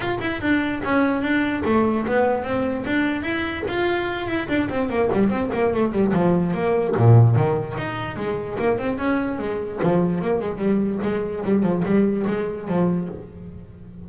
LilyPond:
\new Staff \with { instrumentName = "double bass" } { \time 4/4 \tempo 4 = 147 f'8 e'8 d'4 cis'4 d'4 | a4 b4 c'4 d'4 | e'4 f'4. e'8 d'8 c'8 | ais8 g8 c'8 ais8 a8 g8 f4 |
ais4 ais,4 dis4 dis'4 | gis4 ais8 c'8 cis'4 gis4 | f4 ais8 gis8 g4 gis4 | g8 f8 g4 gis4 f4 | }